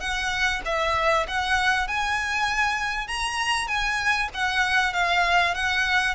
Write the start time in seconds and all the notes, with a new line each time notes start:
0.00 F#5
0.65 E5
1.27 F#5
1.88 G#5
3.08 A#5
3.67 G#5
4.34 F#5
4.93 F5
5.54 F#5